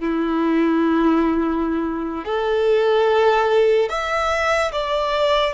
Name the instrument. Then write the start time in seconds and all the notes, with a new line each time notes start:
violin
0.00 E4
2.25 A4
3.89 E5
4.72 D5